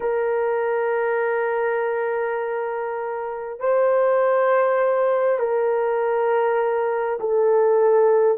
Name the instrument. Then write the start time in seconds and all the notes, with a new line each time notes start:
horn
0.00 A#4
3.59 C5
5.39 A#4
7.19 A4